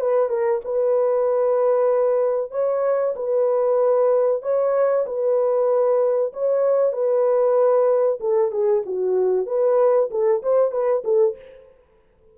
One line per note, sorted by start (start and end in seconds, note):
0.00 0.29 B4
0.29 0.60 A#4
0.65 2.51 B4
2.51 3.14 C#5
3.16 4.42 B4
4.42 5.05 C#5
5.06 6.32 B4
6.33 6.92 C#5
6.92 8.19 B4
8.20 8.51 A4
8.51 8.83 G#4
8.86 9.46 F#4
9.46 10.09 B4
10.10 10.42 A4
10.42 10.71 C5
10.71 11.03 B4
11.04 11.35 A4